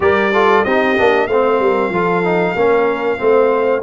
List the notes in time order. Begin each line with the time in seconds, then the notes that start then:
0.00 G3 G4 A#4 D5
0.33 F4 A4
0.64 C4 D#4 G4 D#5
0.97 A#3 D4
1.27 A3 C4 C5 F5
1.59 G3 A#4
1.89 F3 F4 A4
2.24 D#4
2.55 A#3 C#4 A#4
3.18 A3 C4 C5